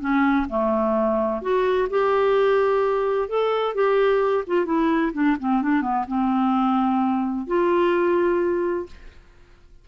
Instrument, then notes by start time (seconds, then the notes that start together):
clarinet
0.00 C#4
0.49 A3
1.42 F#4
1.89 G4
3.29 A4
3.74 G4
4.47 F4
4.65 E4
5.13 D4
5.40 C4
5.62 D4
5.82 B3
6.08 C4
7.47 F4